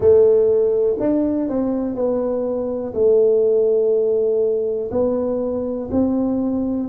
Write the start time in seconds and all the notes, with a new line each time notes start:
0.00 A3
0.99 D4
1.48 C4
1.94 B3
2.93 A3
4.91 B3
5.91 C4